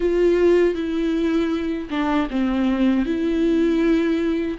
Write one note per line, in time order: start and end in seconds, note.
0.00 0.74 F4
0.74 1.88 E4
1.90 2.28 D4
2.30 3.06 C4
3.06 4.57 E4